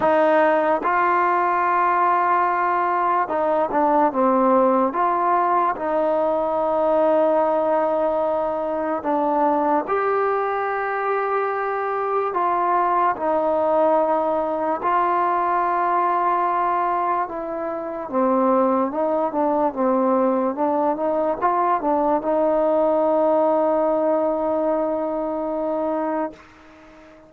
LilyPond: \new Staff \with { instrumentName = "trombone" } { \time 4/4 \tempo 4 = 73 dis'4 f'2. | dis'8 d'8 c'4 f'4 dis'4~ | dis'2. d'4 | g'2. f'4 |
dis'2 f'2~ | f'4 e'4 c'4 dis'8 d'8 | c'4 d'8 dis'8 f'8 d'8 dis'4~ | dis'1 | }